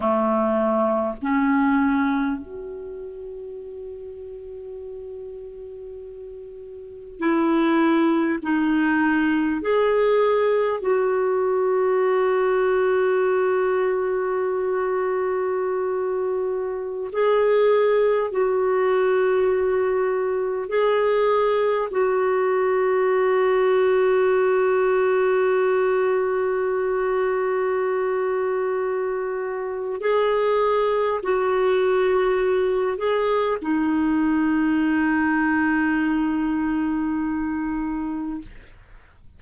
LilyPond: \new Staff \with { instrumentName = "clarinet" } { \time 4/4 \tempo 4 = 50 a4 cis'4 fis'2~ | fis'2 e'4 dis'4 | gis'4 fis'2.~ | fis'2~ fis'16 gis'4 fis'8.~ |
fis'4~ fis'16 gis'4 fis'4.~ fis'16~ | fis'1~ | fis'4 gis'4 fis'4. gis'8 | dis'1 | }